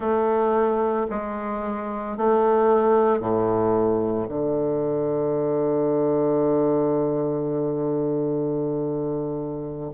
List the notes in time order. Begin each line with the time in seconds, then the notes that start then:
0.00 A3
1.10 G#3
2.17 A3
3.19 A2
4.28 D3